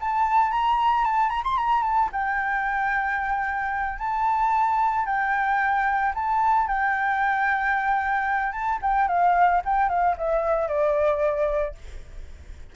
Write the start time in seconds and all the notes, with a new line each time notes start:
0.00 A5
0.51 A#5
1.05 A5
1.29 A#5
1.44 C6
1.57 A#5
1.83 A5
2.12 G5
3.99 A5
5.06 G5
6.14 A5
6.67 G5
8.52 A5
8.82 G5
9.08 F5
9.65 G5
9.89 F5
10.17 E5
10.68 D5